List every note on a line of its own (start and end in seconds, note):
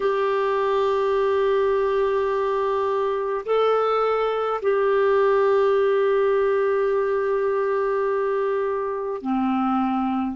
0.00 3.45 G4
3.45 4.60 A4
4.62 9.21 G4
9.21 10.36 C4